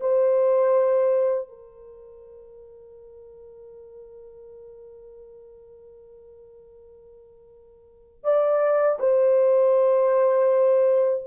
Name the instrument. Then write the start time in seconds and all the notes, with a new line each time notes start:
horn
0.00 C5
1.48 A#4
8.23 D5
8.99 C5